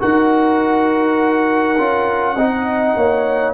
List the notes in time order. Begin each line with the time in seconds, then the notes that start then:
0.00 D#4 F#4 A#4 F#5
1.77 C#4 F4
2.36 C4 D#4 D#5
2.96 A#3 C#5